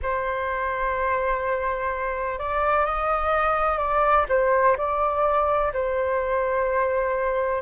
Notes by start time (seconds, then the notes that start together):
0.02 C5
2.38 D5
2.85 D#5
3.77 D5
4.29 C5
4.77 D5
5.73 C5